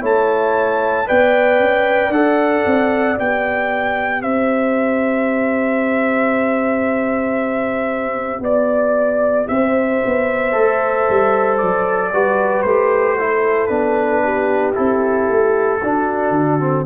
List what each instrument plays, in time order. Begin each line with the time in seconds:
0.00 tuba A3, trombone E4, horn C#5, trumpet A5
1.06 tuba B3, trombone B4, horn D5, trumpet G5
1.59 tuba C#4
2.09 tuba D4, trombone A4, trumpet F#5
2.66 tuba C4
3.17 tuba B3, trombone G4, trumpet G5
4.21 tuba C4, horn C5, trumpet E5
8.40 tuba B3, horn D5, trumpet D5
9.48 tuba C4, horn C5, trumpet E5
10.05 tuba B3
10.52 tuba A3, trombone A4
11.09 tuba G3
11.57 tuba F#3, trumpet D5
12.12 tuba G3, trombone F#4, horn B4
12.62 tuba A3, trombone G4, trumpet C5
13.19 trombone E4, horn A4
13.67 tuba B3, trombone D4, trumpet B4
14.23 horn G4
14.74 tuba C4, trombone E4, trumpet A4
15.29 tuba A3
15.82 tuba D4, trombone D4, horn F#4
16.30 tuba D3
16.60 trombone C4